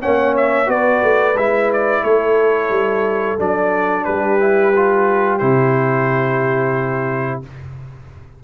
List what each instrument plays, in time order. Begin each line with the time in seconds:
0.00 tuba A#3, trombone C#4, horn C#5, trumpet F#5
0.37 trumpet E5
0.66 tuba B3, trombone F#4, horn B4, trumpet D5
1.03 tuba A3
1.35 tuba G#3, trombone E4, trumpet E5
1.72 trumpet D5
2.03 tuba A3, horn A4, trumpet C#5
2.70 tuba G3
3.39 tuba F#3, trombone D4, trumpet D5
4.04 tuba G3, horn G4, trumpet B4
4.39 trombone E4
4.76 trombone F4
5.38 tuba C3, trombone E4, trumpet C5